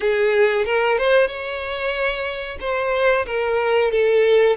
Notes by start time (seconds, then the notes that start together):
0.00 G#4
0.65 A#4
0.98 C5
1.27 C#5
2.60 C5
3.25 A#4
3.91 A4